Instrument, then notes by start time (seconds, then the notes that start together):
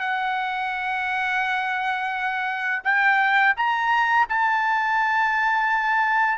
trumpet
0.00 F#5
2.84 G5
3.56 A#5
4.29 A5